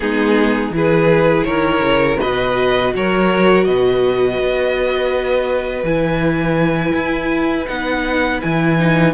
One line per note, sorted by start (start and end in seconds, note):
0.00 0.70 G#3
0.00 0.72 B3
0.00 0.74 D#4
0.00 0.73 G#4
0.70 1.43 E3
0.70 2.19 E4
0.70 1.47 G#4
0.76 1.43 B4
1.43 1.80 D#3
1.43 2.20 A#4
1.43 2.17 C#5
1.80 2.17 C#3
2.19 2.95 B2
2.19 5.85 F#4
2.19 2.93 B4
2.19 2.93 D#5
2.95 3.67 F#3
2.95 3.67 A#4
2.95 3.64 C#5
3.64 4.38 B2
3.64 9.14 B4
3.64 5.84 D#5
4.38 5.83 B3
5.83 6.92 E3
5.83 7.67 E4
5.83 7.67 G#5
6.93 7.66 E4
7.67 8.42 B3
7.67 8.40 D#4
7.67 8.40 F#5
8.41 9.14 E3
8.41 8.78 E4
8.41 9.14 G#5
8.78 9.14 D#4